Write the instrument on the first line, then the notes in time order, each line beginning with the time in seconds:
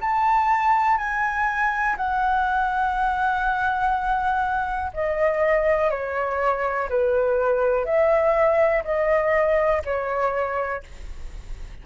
flute
0.00 A5
0.97 G#5
1.96 F#5
4.93 D#5
5.90 C#5
6.89 B4
7.85 E5
8.83 D#5
9.85 C#5